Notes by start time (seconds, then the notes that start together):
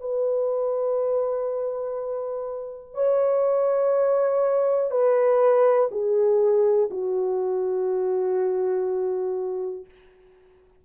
0.00 B4
2.94 C#5
4.90 B4
5.91 G#4
6.90 F#4